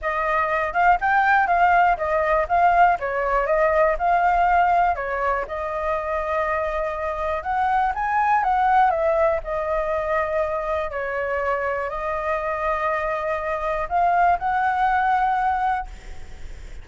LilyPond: \new Staff \with { instrumentName = "flute" } { \time 4/4 \tempo 4 = 121 dis''4. f''8 g''4 f''4 | dis''4 f''4 cis''4 dis''4 | f''2 cis''4 dis''4~ | dis''2. fis''4 |
gis''4 fis''4 e''4 dis''4~ | dis''2 cis''2 | dis''1 | f''4 fis''2. | }